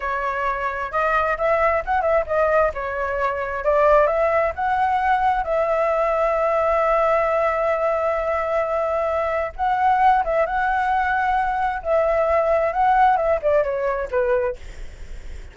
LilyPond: \new Staff \with { instrumentName = "flute" } { \time 4/4 \tempo 4 = 132 cis''2 dis''4 e''4 | fis''8 e''8 dis''4 cis''2 | d''4 e''4 fis''2 | e''1~ |
e''1~ | e''4 fis''4. e''8 fis''4~ | fis''2 e''2 | fis''4 e''8 d''8 cis''4 b'4 | }